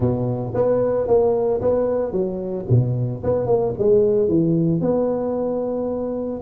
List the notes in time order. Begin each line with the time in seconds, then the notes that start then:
0.00 B2
0.54 B3
1.07 A#3
1.61 B3
2.12 F#3
2.69 B2
3.23 B3
3.46 A#3
3.78 G#3
4.28 E3
4.80 B3